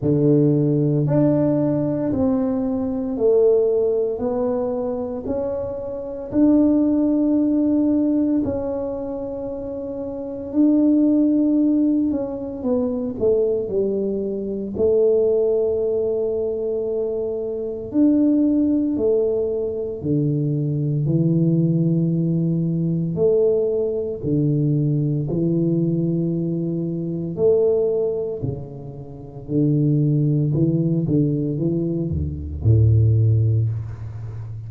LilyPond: \new Staff \with { instrumentName = "tuba" } { \time 4/4 \tempo 4 = 57 d4 d'4 c'4 a4 | b4 cis'4 d'2 | cis'2 d'4. cis'8 | b8 a8 g4 a2~ |
a4 d'4 a4 d4 | e2 a4 d4 | e2 a4 cis4 | d4 e8 d8 e8 d,8 a,4 | }